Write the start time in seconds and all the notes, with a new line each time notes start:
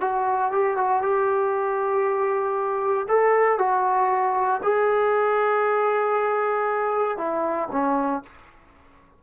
0.00 F#4
0.52 G4
0.77 F#4
1.02 G4
3.08 A4
3.58 F#4
4.62 G#4
7.17 E4
7.71 C#4